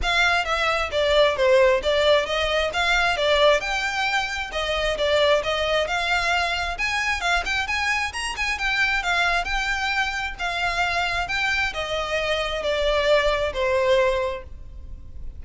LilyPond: \new Staff \with { instrumentName = "violin" } { \time 4/4 \tempo 4 = 133 f''4 e''4 d''4 c''4 | d''4 dis''4 f''4 d''4 | g''2 dis''4 d''4 | dis''4 f''2 gis''4 |
f''8 g''8 gis''4 ais''8 gis''8 g''4 | f''4 g''2 f''4~ | f''4 g''4 dis''2 | d''2 c''2 | }